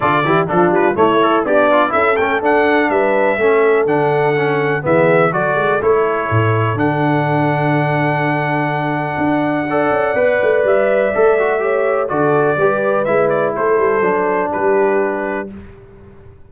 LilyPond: <<
  \new Staff \with { instrumentName = "trumpet" } { \time 4/4 \tempo 4 = 124 d''4 a'8 b'8 cis''4 d''4 | e''8 g''8 fis''4 e''2 | fis''2 e''4 d''4 | cis''2 fis''2~ |
fis''1~ | fis''2 e''2~ | e''4 d''2 e''8 d''8 | c''2 b'2 | }
  \new Staff \with { instrumentName = "horn" } { \time 4/4 a'8 g'8 f'4 e'4 d'4 | a'2 b'4 a'4~ | a'2 gis'4 a'4~ | a'1~ |
a'1 | d''1 | cis''4 a'4 b'2 | a'2 g'2 | }
  \new Staff \with { instrumentName = "trombone" } { \time 4/4 f'8 e'8 d'4 a8 a'8 g'8 f'8 | e'8 cis'8 d'2 cis'4 | d'4 cis'4 b4 fis'4 | e'2 d'2~ |
d'1 | a'4 b'2 a'8 fis'8 | g'4 fis'4 g'4 e'4~ | e'4 d'2. | }
  \new Staff \with { instrumentName = "tuba" } { \time 4/4 d8 e8 f8 g8 a4 b4 | cis'8 a8 d'4 g4 a4 | d2 e4 fis8 gis8 | a4 a,4 d2~ |
d2. d'4~ | d'8 cis'8 b8 a8 g4 a4~ | a4 d4 g4 gis4 | a8 g8 fis4 g2 | }
>>